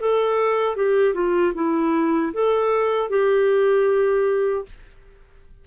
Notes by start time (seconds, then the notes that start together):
0.00 A4
0.76 G4
1.14 F4
1.54 E4
2.33 A4
3.09 G4